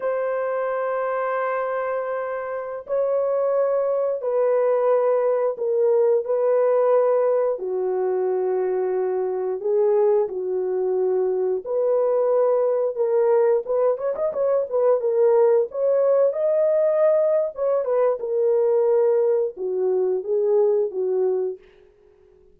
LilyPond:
\new Staff \with { instrumentName = "horn" } { \time 4/4 \tempo 4 = 89 c''1~ | c''16 cis''2 b'4.~ b'16~ | b'16 ais'4 b'2 fis'8.~ | fis'2~ fis'16 gis'4 fis'8.~ |
fis'4~ fis'16 b'2 ais'8.~ | ais'16 b'8 cis''16 dis''16 cis''8 b'8 ais'4 cis''8.~ | cis''16 dis''4.~ dis''16 cis''8 b'8 ais'4~ | ais'4 fis'4 gis'4 fis'4 | }